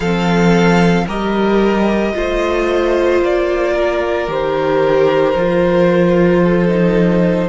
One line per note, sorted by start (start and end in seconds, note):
0.00 1.06 F3
0.00 1.07 C4
0.00 1.05 A4
0.00 1.06 F5
1.06 2.14 G3
1.06 2.13 G4
1.06 2.13 A#4
1.06 3.23 D#5
2.13 3.21 A3
2.13 4.27 F4
2.13 3.73 C5
3.21 4.28 A#3
3.21 4.31 D5
3.73 6.41 A#4
4.27 5.35 D#3
4.27 5.34 G4
4.27 7.49 C5
5.35 7.49 F3
5.35 6.68 F4
6.43 7.49 A4
6.68 7.48 D#4